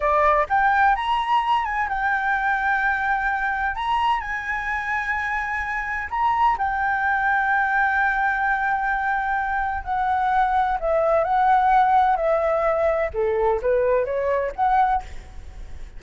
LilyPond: \new Staff \with { instrumentName = "flute" } { \time 4/4 \tempo 4 = 128 d''4 g''4 ais''4. gis''8 | g''1 | ais''4 gis''2.~ | gis''4 ais''4 g''2~ |
g''1~ | g''4 fis''2 e''4 | fis''2 e''2 | a'4 b'4 cis''4 fis''4 | }